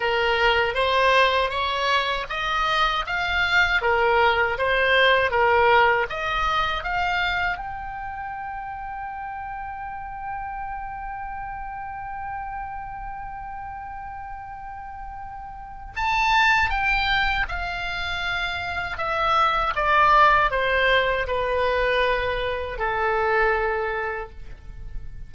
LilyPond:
\new Staff \with { instrumentName = "oboe" } { \time 4/4 \tempo 4 = 79 ais'4 c''4 cis''4 dis''4 | f''4 ais'4 c''4 ais'4 | dis''4 f''4 g''2~ | g''1~ |
g''1~ | g''4 a''4 g''4 f''4~ | f''4 e''4 d''4 c''4 | b'2 a'2 | }